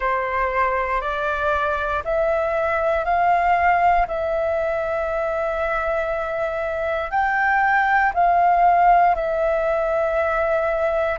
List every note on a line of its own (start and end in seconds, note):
0.00 1.01 C5
1.01 2.02 D5
2.04 3.05 E5
3.05 4.06 F5
4.07 7.10 E5
7.10 8.12 G5
8.14 9.15 F5
9.15 11.18 E5